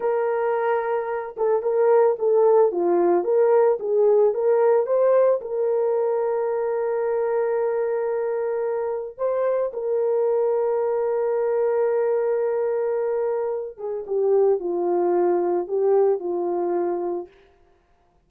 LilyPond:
\new Staff \with { instrumentName = "horn" } { \time 4/4 \tempo 4 = 111 ais'2~ ais'8 a'8 ais'4 | a'4 f'4 ais'4 gis'4 | ais'4 c''4 ais'2~ | ais'1~ |
ais'4 c''4 ais'2~ | ais'1~ | ais'4. gis'8 g'4 f'4~ | f'4 g'4 f'2 | }